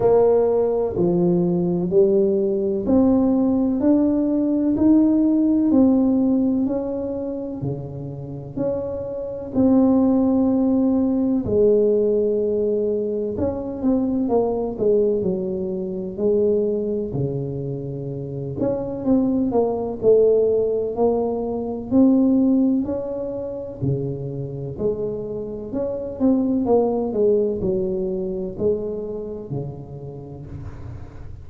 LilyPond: \new Staff \with { instrumentName = "tuba" } { \time 4/4 \tempo 4 = 63 ais4 f4 g4 c'4 | d'4 dis'4 c'4 cis'4 | cis4 cis'4 c'2 | gis2 cis'8 c'8 ais8 gis8 |
fis4 gis4 cis4. cis'8 | c'8 ais8 a4 ais4 c'4 | cis'4 cis4 gis4 cis'8 c'8 | ais8 gis8 fis4 gis4 cis4 | }